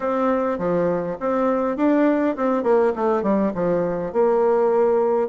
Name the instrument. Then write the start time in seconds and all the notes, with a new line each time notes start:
bassoon
0.00 C4
0.58 F3
1.20 C4
1.76 D4
2.36 C4
2.63 A#3
2.95 A3
3.22 G3
3.54 F3
4.12 A#3